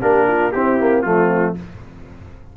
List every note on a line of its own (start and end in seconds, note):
0.00 0.53 A#3
0.00 0.52 D4
0.00 0.26 G4
0.00 0.51 A#4
0.27 0.52 F4
0.51 0.79 C4
0.51 1.04 C4
0.51 1.04 E4
0.51 1.02 G4
0.79 1.04 A#3
1.02 1.56 F3
1.02 1.55 A3
1.02 1.56 C4
1.02 1.53 F4